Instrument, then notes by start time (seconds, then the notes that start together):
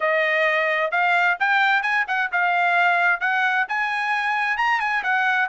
trumpet
0.00 D#5
0.91 F5
1.39 G5
1.82 G#5
2.07 F#5
2.32 F5
3.20 F#5
3.68 G#5
4.57 A#5
4.80 G#5
5.03 F#5